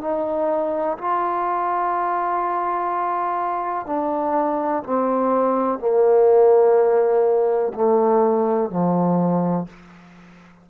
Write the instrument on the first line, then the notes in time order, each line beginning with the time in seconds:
trombone
0.00 D#4
0.97 F4
3.86 D4
4.83 C4
5.78 A#3
7.74 A3
8.70 F3